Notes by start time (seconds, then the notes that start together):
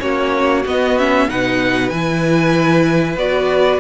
0.00 A#3 C#4 F#4 C#5
0.66 B3 D#5
0.98 C#4 E5
1.29 B2 D#4 B4 F#5
1.90 E3 E4 G#5
3.17 B3 F#4 D5